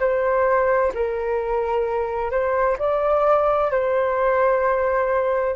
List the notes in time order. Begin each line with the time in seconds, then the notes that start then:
0.00 C5
0.94 A#4
2.31 C5
2.79 D5
3.71 C5